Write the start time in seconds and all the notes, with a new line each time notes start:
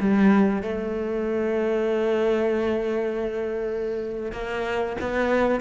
0.00 G3
0.62 A3
4.32 A#3
5.01 B3